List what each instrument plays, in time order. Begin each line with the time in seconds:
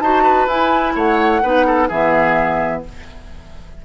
0.00 bassoon D#4, clarinet F#4, oboe C5, flute A5
0.23 oboe B4
0.47 bassoon E4, clarinet E4, flute G#5
0.95 bassoon A3, oboe C#5, flute F#5
1.42 bassoon B3, clarinet D#4, oboe B4
1.66 oboe A4
1.88 bassoon E3, clarinet B3, oboe G#4, flute E5